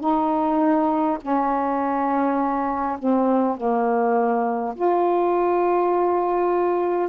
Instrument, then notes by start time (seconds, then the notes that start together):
saxophone
0.00 D#4
1.21 C#4
2.98 C4
3.57 A#3
4.75 F4